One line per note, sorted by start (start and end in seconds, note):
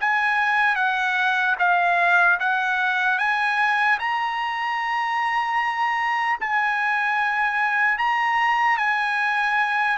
0.00 0.76 G#5
0.76 1.56 F#5
1.59 2.39 F5
2.40 3.18 F#5
3.18 3.98 G#5
3.99 6.39 A#5
6.40 7.98 G#5
7.98 8.77 A#5
8.77 9.97 G#5